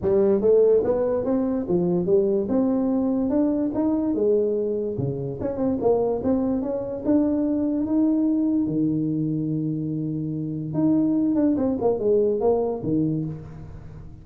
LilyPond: \new Staff \with { instrumentName = "tuba" } { \time 4/4 \tempo 4 = 145 g4 a4 b4 c'4 | f4 g4 c'2 | d'4 dis'4 gis2 | cis4 cis'8 c'8 ais4 c'4 |
cis'4 d'2 dis'4~ | dis'4 dis2.~ | dis2 dis'4. d'8 | c'8 ais8 gis4 ais4 dis4 | }